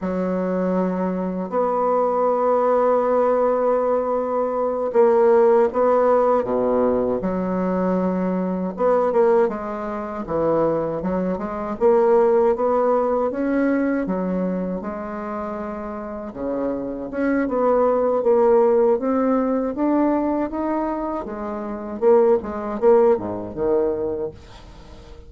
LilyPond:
\new Staff \with { instrumentName = "bassoon" } { \time 4/4 \tempo 4 = 79 fis2 b2~ | b2~ b8 ais4 b8~ | b8 b,4 fis2 b8 | ais8 gis4 e4 fis8 gis8 ais8~ |
ais8 b4 cis'4 fis4 gis8~ | gis4. cis4 cis'8 b4 | ais4 c'4 d'4 dis'4 | gis4 ais8 gis8 ais8 gis,8 dis4 | }